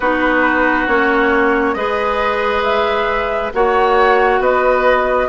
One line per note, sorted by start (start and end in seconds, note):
0.00 0.86 B3
0.00 0.88 D#4
0.00 1.74 F#4
0.00 0.86 B4
0.86 1.75 A#3
0.86 1.76 C#4
0.86 1.74 C#5
1.74 3.51 G#3
1.74 3.53 G#4
1.74 3.52 B4
1.74 2.62 D#5
2.63 3.51 E5
3.53 4.39 A#3
3.53 5.28 F#4
3.53 4.40 C#5
3.53 4.42 F#5
4.39 5.27 B3
4.39 5.28 B4
4.39 5.28 D#5